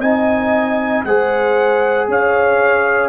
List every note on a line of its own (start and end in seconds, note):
0.00 1.03 C4
0.00 1.07 D#4
0.00 1.04 D#5
0.00 1.04 G#5
1.04 2.08 G#3
1.04 3.09 G#4
1.04 2.09 C5
1.04 2.08 F#5
2.08 3.09 C#4
2.08 3.09 C#5
2.08 3.09 F5